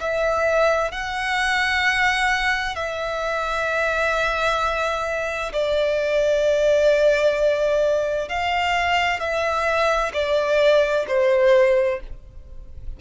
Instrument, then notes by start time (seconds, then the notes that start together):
violin
0.00 E5
0.91 F#5
2.75 E5
5.53 D5
8.29 F5
9.20 E5
10.13 D5
11.08 C5